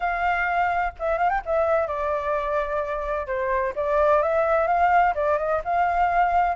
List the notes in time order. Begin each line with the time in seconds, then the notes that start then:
0.00 F5
0.99 E5
1.18 F5
1.29 G5
1.45 E5
1.87 D5
3.26 C5
3.75 D5
4.22 E5
4.67 F5
5.14 D5
5.38 D#5
5.64 F5